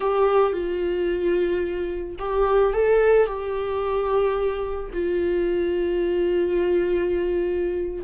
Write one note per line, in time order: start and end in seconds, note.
0.00 0.53 G4
0.53 2.16 F4
2.18 2.73 G4
2.73 3.26 A4
3.26 4.90 G4
4.93 8.04 F4